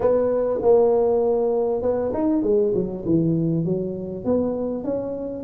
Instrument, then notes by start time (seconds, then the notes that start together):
tuba
0.00 B3
0.62 A#3
1.82 B3
2.13 D#4
2.42 G#3
2.74 F#3
3.05 E3
3.64 F#3
4.25 B3
4.83 C#4